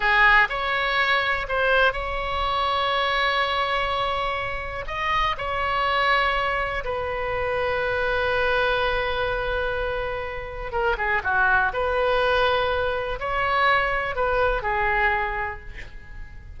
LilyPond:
\new Staff \with { instrumentName = "oboe" } { \time 4/4 \tempo 4 = 123 gis'4 cis''2 c''4 | cis''1~ | cis''2 dis''4 cis''4~ | cis''2 b'2~ |
b'1~ | b'2 ais'8 gis'8 fis'4 | b'2. cis''4~ | cis''4 b'4 gis'2 | }